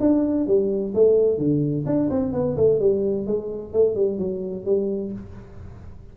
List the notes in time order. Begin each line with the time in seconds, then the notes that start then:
0.00 D4
0.47 G3
0.94 A3
1.38 D3
1.86 D4
2.10 C4
2.33 B3
2.57 A3
2.80 G3
3.26 G#3
3.73 A3
3.95 G3
4.18 F#3
4.65 G3